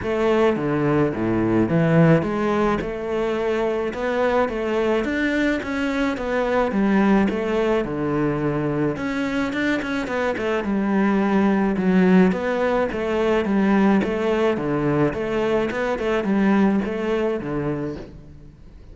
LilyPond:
\new Staff \with { instrumentName = "cello" } { \time 4/4 \tempo 4 = 107 a4 d4 a,4 e4 | gis4 a2 b4 | a4 d'4 cis'4 b4 | g4 a4 d2 |
cis'4 d'8 cis'8 b8 a8 g4~ | g4 fis4 b4 a4 | g4 a4 d4 a4 | b8 a8 g4 a4 d4 | }